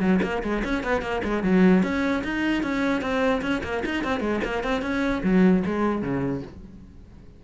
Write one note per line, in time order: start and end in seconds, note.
0.00 0.20 F#3
0.22 0.42 A#3
0.43 0.63 G#3
0.64 0.83 C#4
0.83 1.02 B3
1.02 1.22 A#3
1.24 1.43 G#3
1.43 1.83 F#3
1.83 2.23 C#4
2.23 2.63 D#4
2.63 3.01 C#4
3.01 3.41 C4
3.41 3.61 C#4
3.63 3.83 A#3
3.85 4.03 D#4
4.03 4.20 C4
4.20 4.40 G#3
4.44 4.63 A#3
4.63 4.82 C4
4.82 5.22 C#4
5.23 5.63 F#3
5.66 6.02 G#3
6.02 6.42 C#3